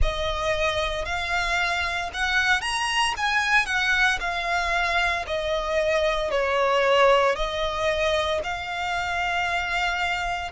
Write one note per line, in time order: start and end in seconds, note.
0.02 1.05 D#5
1.05 2.10 F5
2.13 2.61 F#5
2.61 3.13 A#5
3.16 3.66 G#5
3.66 4.18 F#5
4.20 5.25 F5
5.26 6.31 D#5
6.31 7.35 C#5
7.35 8.40 D#5
8.43 10.51 F5